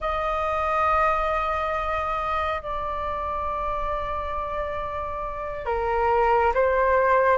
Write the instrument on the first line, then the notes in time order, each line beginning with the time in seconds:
flute
0.00 D#5
2.61 D5
5.65 A#4
6.53 C5